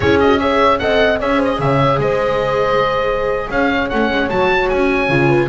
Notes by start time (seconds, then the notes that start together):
0.00 C#4 E4 G#4 C#5
0.20 F#4 D#5
0.39 G#4 C#5 E5
0.79 C4 A4 D#5 F#5
1.20 C#4 G#4 C#5 E5
1.37 C5
1.44 D#5
1.59 C#3 C#5 E5
1.98 G#3 C5 D#5
3.50 C#4 C#5 F5
3.89 A3 C#4 F#5
4.10 G#3
4.29 F#3 F#4 A5
4.69 C#4 G#5
5.08 C#3 F4
5.28 B4